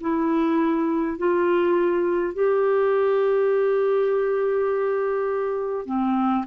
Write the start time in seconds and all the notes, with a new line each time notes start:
0.00 E4
1.18 F4
2.33 G4
5.86 C4